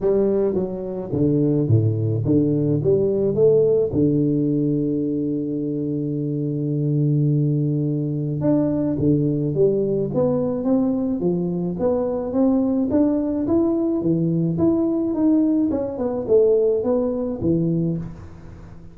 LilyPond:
\new Staff \with { instrumentName = "tuba" } { \time 4/4 \tempo 4 = 107 g4 fis4 d4 a,4 | d4 g4 a4 d4~ | d1~ | d2. d'4 |
d4 g4 b4 c'4 | f4 b4 c'4 d'4 | e'4 e4 e'4 dis'4 | cis'8 b8 a4 b4 e4 | }